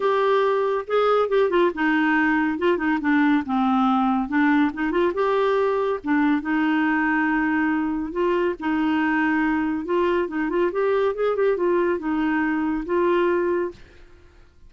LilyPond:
\new Staff \with { instrumentName = "clarinet" } { \time 4/4 \tempo 4 = 140 g'2 gis'4 g'8 f'8 | dis'2 f'8 dis'8 d'4 | c'2 d'4 dis'8 f'8 | g'2 d'4 dis'4~ |
dis'2. f'4 | dis'2. f'4 | dis'8 f'8 g'4 gis'8 g'8 f'4 | dis'2 f'2 | }